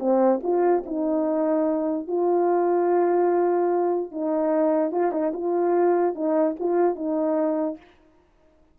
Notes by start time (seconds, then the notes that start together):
0.00 C4
0.43 F4
0.86 D#4
2.08 F4
4.12 D#4
4.92 F4
5.12 D#4
5.34 F4
6.15 D#4
6.60 F4
6.96 D#4